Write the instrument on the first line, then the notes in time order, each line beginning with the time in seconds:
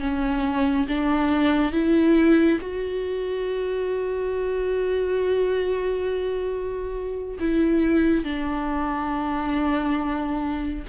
viola
0.00 C#4
0.89 D4
1.72 E4
2.61 F#4
7.40 E4
8.25 D4